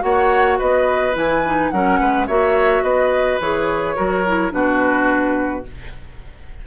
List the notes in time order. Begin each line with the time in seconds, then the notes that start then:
0.00 A#3 F#4 C#5 F#5
0.59 B3 B4 D#5
1.14 E3 E4 G#5
1.46 D#4
1.70 F#3 C#4 A#4 F#5
2.00 G#3 B4
2.27 A#3 F#4 C#5 E5
2.83 B3 B4 D#5
3.40 E3 G#4 C#5
3.96 F#3 F#4 A#4
4.27 E4
4.51 B2 D4 F#4 B4